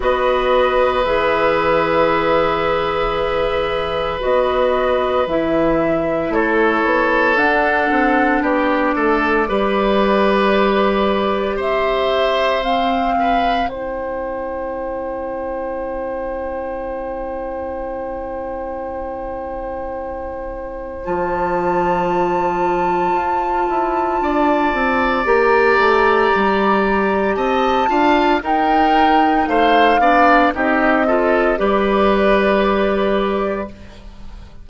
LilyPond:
<<
  \new Staff \with { instrumentName = "flute" } { \time 4/4 \tempo 4 = 57 dis''4 e''2. | dis''4 e''4 cis''4 fis''4 | d''2. e''4 | f''4 g''2.~ |
g''1 | a''1 | ais''2 a''4 g''4 | f''4 dis''4 d''2 | }
  \new Staff \with { instrumentName = "oboe" } { \time 4/4 b'1~ | b'2 a'2 | g'8 a'8 b'2 c''4~ | c''8 b'8 c''2.~ |
c''1~ | c''2. d''4~ | d''2 dis''8 f''8 ais'4 | c''8 d''8 g'8 a'8 b'2 | }
  \new Staff \with { instrumentName = "clarinet" } { \time 4/4 fis'4 gis'2. | fis'4 e'2 d'4~ | d'4 g'2. | c'4 e'2.~ |
e'1 | f'1 | g'2~ g'8 f'8 dis'4~ | dis'8 d'8 dis'8 f'8 g'2 | }
  \new Staff \with { instrumentName = "bassoon" } { \time 4/4 b4 e2. | b4 e4 a8 b8 d'8 c'8 | b8 a8 g2 c'4~ | c'1~ |
c'1 | f2 f'8 e'8 d'8 c'8 | ais8 a8 g4 c'8 d'8 dis'4 | a8 b8 c'4 g2 | }
>>